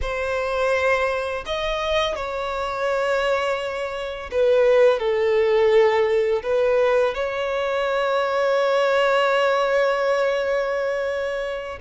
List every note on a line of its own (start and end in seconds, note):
0.01 1.44 C5
1.46 2.15 D#5
2.15 4.30 C#5
4.31 4.99 B4
4.99 6.42 A4
6.43 7.14 B4
7.14 11.78 C#5